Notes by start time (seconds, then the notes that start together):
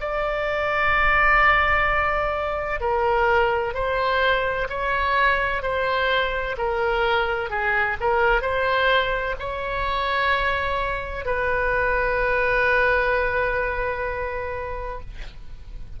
0.00 D5
2.80 A#4
3.74 C5
4.69 C#5
5.62 C5
6.57 A#4
7.50 G#4
8.00 A#4
8.41 C5
9.39 C#5
11.25 B4